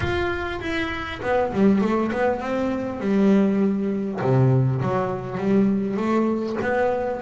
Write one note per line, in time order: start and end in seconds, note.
0.00 0.60 F4
0.61 1.21 E4
1.22 1.52 B3
1.52 1.81 G3
1.81 2.11 A3
2.12 2.40 B3
2.40 3.00 C4
3.00 4.20 G3
4.21 4.81 C3
4.81 5.37 F#3
5.37 5.96 G3
5.96 6.56 A3
6.62 7.21 B3